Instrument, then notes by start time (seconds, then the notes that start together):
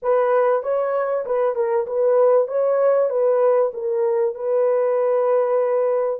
horn
0.02 B4
0.62 C#5
1.25 B4
1.55 A#4
1.86 B4
2.47 C#5
3.09 B4
3.73 A#4
4.35 B4